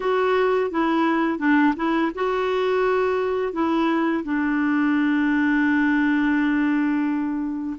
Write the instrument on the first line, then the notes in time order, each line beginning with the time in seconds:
clarinet
0.00 F#4
0.70 E4
1.38 D4
1.76 E4
2.14 F#4
3.53 E4
4.24 D4